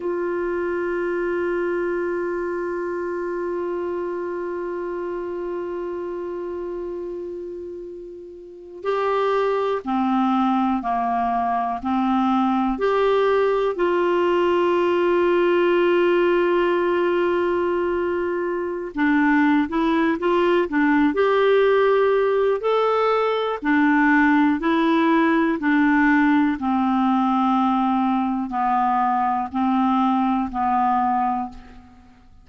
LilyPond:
\new Staff \with { instrumentName = "clarinet" } { \time 4/4 \tempo 4 = 61 f'1~ | f'1~ | f'4 g'4 c'4 ais4 | c'4 g'4 f'2~ |
f'2.~ f'16 d'8. | e'8 f'8 d'8 g'4. a'4 | d'4 e'4 d'4 c'4~ | c'4 b4 c'4 b4 | }